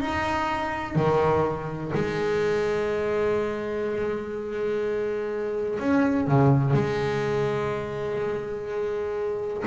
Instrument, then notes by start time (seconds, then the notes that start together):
double bass
0.00 D#4
0.95 D#3
1.94 G#3
5.79 C#4
6.27 C#3
6.73 G#3